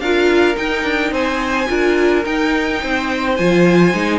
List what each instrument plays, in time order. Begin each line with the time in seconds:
0.00 cello D4, viola F4, violin A#4 F5
0.55 viola D#4, cello D#4, violin G5
0.84 cello D4
1.12 cello C4, violin C5 G#5
1.67 cello D4, viola F4, violin A#4
2.25 viola D#4, cello D#4, violin G5
2.81 cello C4, violin C5
3.37 cello F3, viola F4, violin G#5
3.94 cello G#3, viola D#4